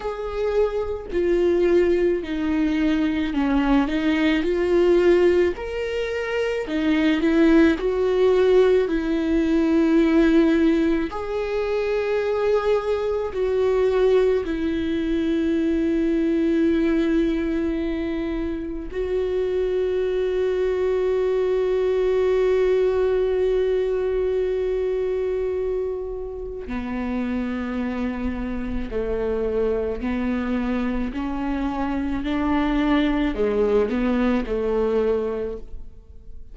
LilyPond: \new Staff \with { instrumentName = "viola" } { \time 4/4 \tempo 4 = 54 gis'4 f'4 dis'4 cis'8 dis'8 | f'4 ais'4 dis'8 e'8 fis'4 | e'2 gis'2 | fis'4 e'2.~ |
e'4 fis'2.~ | fis'1 | b2 a4 b4 | cis'4 d'4 gis8 b8 a4 | }